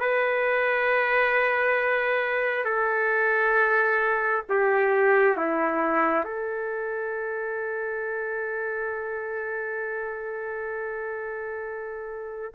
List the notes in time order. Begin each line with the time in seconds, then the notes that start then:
0.00 B4
2.65 A4
4.49 G4
5.36 E4
6.24 A4